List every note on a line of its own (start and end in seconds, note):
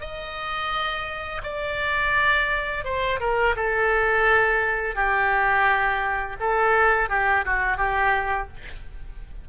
0.00 1.41 D#5
1.43 2.84 D5
2.84 3.20 C5
3.20 3.55 A#4
3.56 4.95 A4
4.95 6.36 G4
6.40 7.09 A4
7.09 7.44 G4
7.45 7.77 F#4
7.77 8.47 G4